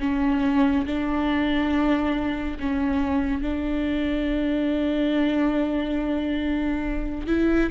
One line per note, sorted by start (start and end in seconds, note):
0.00 0.86 C#4
0.86 2.58 D4
2.60 3.42 C#4
3.42 7.27 D4
7.27 7.70 E4